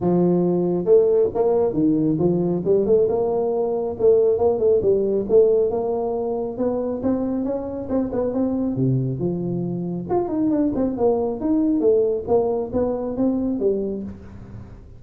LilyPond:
\new Staff \with { instrumentName = "tuba" } { \time 4/4 \tempo 4 = 137 f2 a4 ais4 | dis4 f4 g8 a8 ais4~ | ais4 a4 ais8 a8 g4 | a4 ais2 b4 |
c'4 cis'4 c'8 b8 c'4 | c4 f2 f'8 dis'8 | d'8 c'8 ais4 dis'4 a4 | ais4 b4 c'4 g4 | }